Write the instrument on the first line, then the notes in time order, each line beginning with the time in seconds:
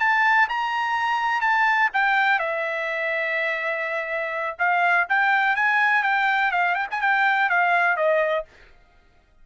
trumpet
0.00 A5
0.49 A#5
1.41 A5
1.94 G5
2.39 E5
4.59 F5
5.09 G5
5.56 G#5
6.03 G5
6.51 F5
6.75 G5
6.91 G#5
7.01 G5
7.49 F5
7.97 D#5